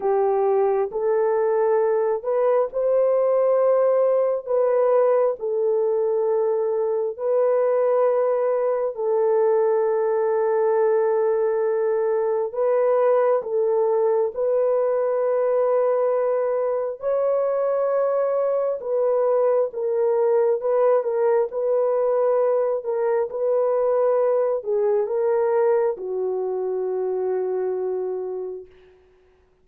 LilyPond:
\new Staff \with { instrumentName = "horn" } { \time 4/4 \tempo 4 = 67 g'4 a'4. b'8 c''4~ | c''4 b'4 a'2 | b'2 a'2~ | a'2 b'4 a'4 |
b'2. cis''4~ | cis''4 b'4 ais'4 b'8 ais'8 | b'4. ais'8 b'4. gis'8 | ais'4 fis'2. | }